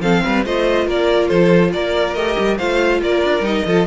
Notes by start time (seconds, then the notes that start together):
0.00 F3 C4 A4 F5
0.24 G3 B4
0.44 A3 F4 C5 D#5
0.87 A#3 A#4 D5
1.28 F3 A4 C5
1.73 A#3 A#4 D5
2.14 A3 G4 D#5
2.38 G3
2.58 A3 F4 C5 F5
3.01 A#3 A#4 D5
3.24 D4
3.40 G3 D#4 D#5
3.65 F3 F4 A4